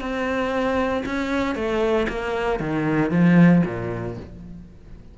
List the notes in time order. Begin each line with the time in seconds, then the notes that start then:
0.00 C4
1.05 C#4
1.55 A3
2.08 A#3
2.59 D#3
3.10 F3
3.65 A#2